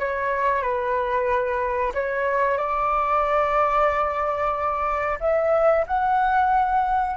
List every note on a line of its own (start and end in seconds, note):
0.00 0.63 C#5
0.63 1.93 B4
1.94 2.58 C#5
2.58 5.19 D5
5.20 5.85 E5
5.87 7.17 F#5